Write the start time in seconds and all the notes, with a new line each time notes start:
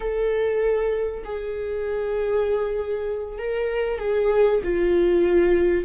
0.00 A4
1.24 G#4
3.38 A#4
3.99 G#4
4.63 F4